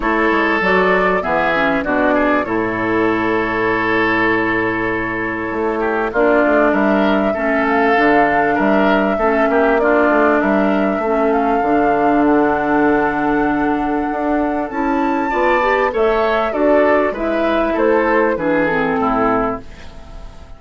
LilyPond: <<
  \new Staff \with { instrumentName = "flute" } { \time 4/4 \tempo 4 = 98 cis''4 d''4 e''4 d''4 | cis''1~ | cis''2 d''4 e''4~ | e''8 f''4. e''2 |
d''4 e''4. f''4. | fis''1 | a''2 e''4 d''4 | e''4 c''4 b'8 a'4. | }
  \new Staff \with { instrumentName = "oboe" } { \time 4/4 a'2 gis'4 fis'8 gis'8 | a'1~ | a'4. g'8 f'4 ais'4 | a'2 ais'4 a'8 g'8 |
f'4 ais'4 a'2~ | a'1~ | a'4 d''4 cis''4 a'4 | b'4 a'4 gis'4 e'4 | }
  \new Staff \with { instrumentName = "clarinet" } { \time 4/4 e'4 fis'4 b8 cis'8 d'4 | e'1~ | e'2 d'2 | cis'4 d'2 cis'4 |
d'2 cis'4 d'4~ | d'1 | e'4 f'8 g'8 a'4 fis'4 | e'2 d'8 c'4. | }
  \new Staff \with { instrumentName = "bassoon" } { \time 4/4 a8 gis8 fis4 e4 b,4 | a,1~ | a,4 a4 ais8 a8 g4 | a4 d4 g4 a8 ais8~ |
ais8 a8 g4 a4 d4~ | d2. d'4 | cis'4 b4 a4 d'4 | gis4 a4 e4 a,4 | }
>>